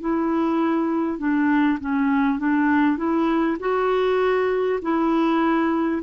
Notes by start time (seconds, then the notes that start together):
0.00 E4
1.18 D4
1.80 C#4
2.38 D4
2.97 E4
3.59 F#4
4.82 E4